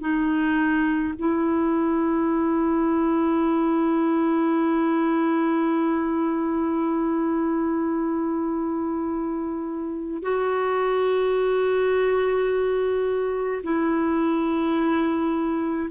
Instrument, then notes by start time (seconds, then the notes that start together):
clarinet
0.00 D#4
1.18 E4
10.22 F#4
13.63 E4